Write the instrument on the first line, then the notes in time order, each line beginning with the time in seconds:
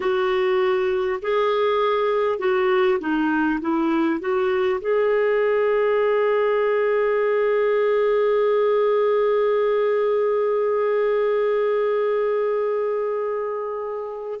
clarinet
0.00 F#4
1.22 G#4
2.38 F#4
2.99 D#4
3.61 E4
4.19 F#4
4.80 G#4